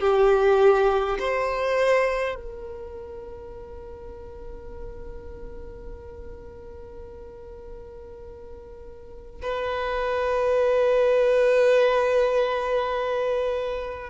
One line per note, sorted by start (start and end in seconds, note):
0.00 1.18 G4
1.19 2.35 C5
2.35 9.41 A#4
9.42 14.10 B4